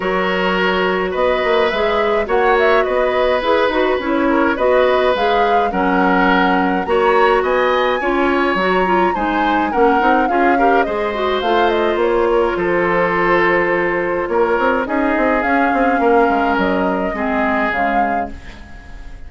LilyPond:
<<
  \new Staff \with { instrumentName = "flute" } { \time 4/4 \tempo 4 = 105 cis''2 dis''4 e''4 | fis''8 e''8 dis''4 b'4 cis''4 | dis''4 f''4 fis''2 | ais''4 gis''2 ais''4 |
gis''4 fis''4 f''4 dis''4 | f''8 dis''8 cis''4 c''2~ | c''4 cis''4 dis''4 f''4~ | f''4 dis''2 f''4 | }
  \new Staff \with { instrumentName = "oboe" } { \time 4/4 ais'2 b'2 | cis''4 b'2~ b'8 ais'8 | b'2 ais'2 | cis''4 dis''4 cis''2 |
c''4 ais'4 gis'8 ais'8 c''4~ | c''4. ais'8 a'2~ | a'4 ais'4 gis'2 | ais'2 gis'2 | }
  \new Staff \with { instrumentName = "clarinet" } { \time 4/4 fis'2. gis'4 | fis'2 gis'8 fis'8 e'4 | fis'4 gis'4 cis'2 | fis'2 f'4 fis'8 f'8 |
dis'4 cis'8 dis'8 f'8 g'8 gis'8 fis'8 | f'1~ | f'2 dis'4 cis'4~ | cis'2 c'4 gis4 | }
  \new Staff \with { instrumentName = "bassoon" } { \time 4/4 fis2 b8 ais8 gis4 | ais4 b4 e'8 dis'8 cis'4 | b4 gis4 fis2 | ais4 b4 cis'4 fis4 |
gis4 ais8 c'8 cis'4 gis4 | a4 ais4 f2~ | f4 ais8 c'8 cis'8 c'8 cis'8 c'8 | ais8 gis8 fis4 gis4 cis4 | }
>>